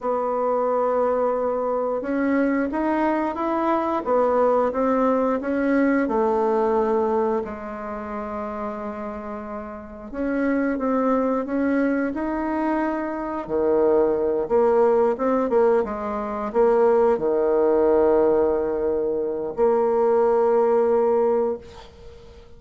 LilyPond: \new Staff \with { instrumentName = "bassoon" } { \time 4/4 \tempo 4 = 89 b2. cis'4 | dis'4 e'4 b4 c'4 | cis'4 a2 gis4~ | gis2. cis'4 |
c'4 cis'4 dis'2 | dis4. ais4 c'8 ais8 gis8~ | gis8 ais4 dis2~ dis8~ | dis4 ais2. | }